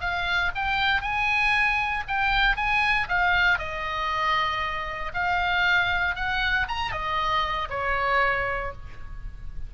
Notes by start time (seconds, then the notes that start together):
0.00 F5
0.55 G5
1.01 G#5
2.08 G5
2.56 G#5
3.08 F5
3.58 D#5
5.14 F5
6.15 F#5
6.68 A#5
6.91 D#5
7.70 C#5